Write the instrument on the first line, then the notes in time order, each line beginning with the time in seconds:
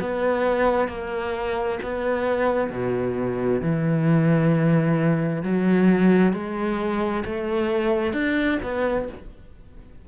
cello
0.00 B3
0.88 A#3
1.83 B3
2.70 B2
3.61 E3
5.43 F#3
6.33 G#3
7.25 A3
8.13 D4
8.63 B3